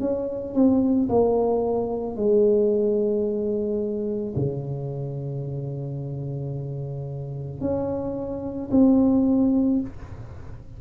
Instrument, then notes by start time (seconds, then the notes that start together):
tuba
0.00 C#4
0.55 C4
1.10 A#3
2.17 G#3
4.36 C#3
7.61 C#4
8.72 C4